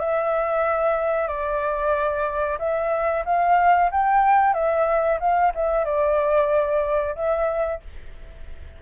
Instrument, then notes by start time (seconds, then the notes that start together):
flute
0.00 E5
1.28 D5
2.59 E5
3.26 F5
3.91 G5
4.54 E5
5.20 F5
5.55 E5
5.85 D5
7.15 E5